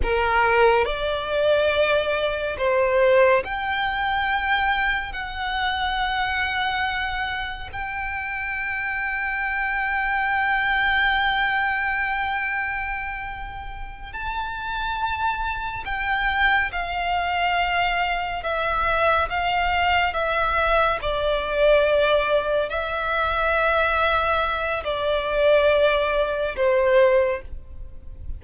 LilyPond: \new Staff \with { instrumentName = "violin" } { \time 4/4 \tempo 4 = 70 ais'4 d''2 c''4 | g''2 fis''2~ | fis''4 g''2.~ | g''1~ |
g''8 a''2 g''4 f''8~ | f''4. e''4 f''4 e''8~ | e''8 d''2 e''4.~ | e''4 d''2 c''4 | }